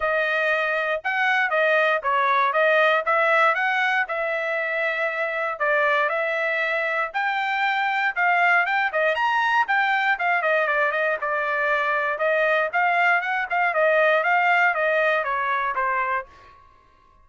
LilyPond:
\new Staff \with { instrumentName = "trumpet" } { \time 4/4 \tempo 4 = 118 dis''2 fis''4 dis''4 | cis''4 dis''4 e''4 fis''4 | e''2. d''4 | e''2 g''2 |
f''4 g''8 dis''8 ais''4 g''4 | f''8 dis''8 d''8 dis''8 d''2 | dis''4 f''4 fis''8 f''8 dis''4 | f''4 dis''4 cis''4 c''4 | }